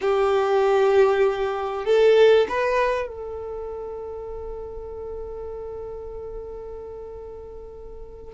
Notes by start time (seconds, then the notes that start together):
0.01 G4
1.85 A4
2.49 B4
3.07 A4